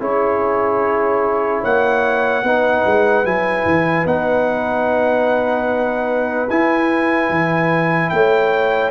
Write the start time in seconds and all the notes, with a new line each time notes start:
0.00 C#4 E4 G#4 C#5
1.62 A#3 C#5 F#5
2.43 B3 D#4 B4
2.86 G#3
3.25 F#3 E4 G#5
3.66 E3
4.05 B3 D#4 F#5
6.50 E4 G#5
7.30 E3
8.10 A3 C#5 G5